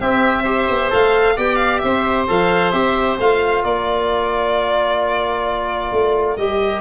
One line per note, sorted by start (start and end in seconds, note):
0.00 0.68 C4
0.00 0.45 C4
0.00 0.43 G4
0.00 0.91 E5
0.43 0.90 G4
0.43 1.34 C5
0.69 0.92 B3
0.90 1.37 A3
0.90 1.35 A4
0.90 1.38 F5
1.36 1.83 B3
1.36 2.27 G4
1.36 1.82 D5
1.36 1.55 G5
1.55 1.78 F5
1.78 2.29 C4
1.78 3.64 C5
1.78 2.24 E5
2.27 2.73 F3
2.27 2.73 A4
2.27 2.71 F5
2.71 3.18 C4
2.71 3.19 G4
2.71 3.17 E5
3.19 3.64 A3
3.19 6.38 F4
3.19 3.64 F5
3.64 5.91 A#3
3.64 6.81 A#4
3.64 6.37 D5
5.92 6.37 A3
6.37 6.81 G3
6.37 6.81 G4
6.37 6.81 D#5